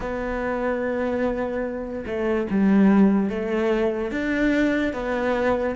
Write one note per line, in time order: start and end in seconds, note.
0.00 2.04 B3
2.06 2.47 A3
2.50 3.29 G3
3.29 4.11 A3
4.11 4.93 D4
4.93 5.75 B3